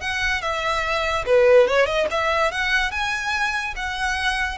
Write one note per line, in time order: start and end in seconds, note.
0.00 0.41 F#5
0.41 1.24 E5
1.26 1.67 B4
1.67 1.85 C#5
1.85 2.06 D#5
2.11 2.52 E5
2.52 2.91 F#5
2.91 3.74 G#5
3.76 4.58 F#5